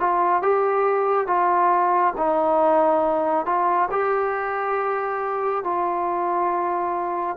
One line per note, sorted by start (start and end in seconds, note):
0.00 0.43 F4
0.43 1.27 G4
1.27 2.14 F4
2.18 3.46 D#4
3.46 3.89 F4
3.91 5.64 G4
5.64 7.37 F4